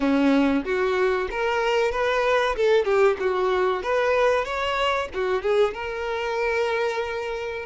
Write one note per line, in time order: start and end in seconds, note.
0.00 0.64 C#4
0.64 1.28 F#4
1.30 1.91 A#4
1.91 2.55 B4
2.56 2.84 A4
2.84 3.16 G4
3.19 3.82 F#4
3.82 4.44 B4
4.44 5.08 C#5
5.14 5.41 F#4
5.41 5.73 G#4
5.74 7.65 A#4